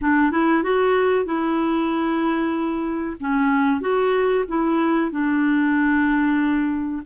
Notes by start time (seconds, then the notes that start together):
0.01 D4
0.31 E4
0.63 F#4
1.25 E4
3.19 C#4
3.81 F#4
4.48 E4
5.11 D4